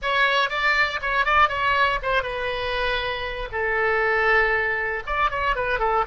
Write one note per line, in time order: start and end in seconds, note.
0.02 0.49 C#5
0.49 1.00 D5
1.01 1.25 C#5
1.25 1.49 D5
1.49 1.99 C#5
2.02 2.22 C5
2.22 3.48 B4
3.52 5.03 A4
5.06 5.30 D5
5.30 5.55 C#5
5.55 5.79 B4
5.79 6.04 A4